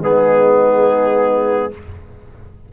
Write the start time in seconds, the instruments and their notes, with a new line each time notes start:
0.00 tuba G#3, trombone B3, horn D#4, trumpet G#4